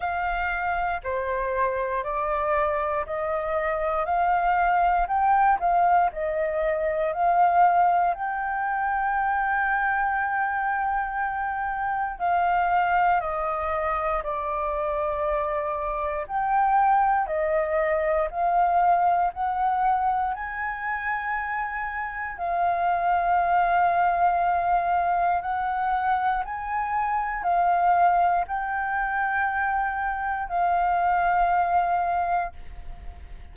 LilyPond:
\new Staff \with { instrumentName = "flute" } { \time 4/4 \tempo 4 = 59 f''4 c''4 d''4 dis''4 | f''4 g''8 f''8 dis''4 f''4 | g''1 | f''4 dis''4 d''2 |
g''4 dis''4 f''4 fis''4 | gis''2 f''2~ | f''4 fis''4 gis''4 f''4 | g''2 f''2 | }